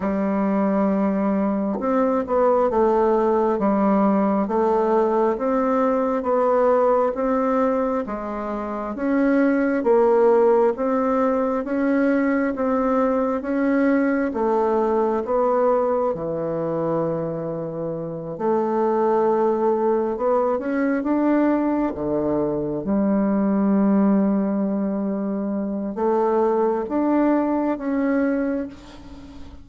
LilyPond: \new Staff \with { instrumentName = "bassoon" } { \time 4/4 \tempo 4 = 67 g2 c'8 b8 a4 | g4 a4 c'4 b4 | c'4 gis4 cis'4 ais4 | c'4 cis'4 c'4 cis'4 |
a4 b4 e2~ | e8 a2 b8 cis'8 d'8~ | d'8 d4 g2~ g8~ | g4 a4 d'4 cis'4 | }